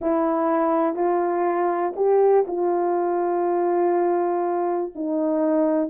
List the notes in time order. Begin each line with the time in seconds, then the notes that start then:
0.01 E4
0.95 F4
1.96 G4
2.47 F4
4.95 D#4